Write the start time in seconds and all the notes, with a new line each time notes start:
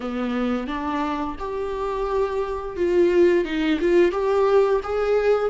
0.00 B3
0.67 D4
1.39 G4
2.76 F4
3.45 D#4
3.80 F4
4.11 G4
4.83 G#4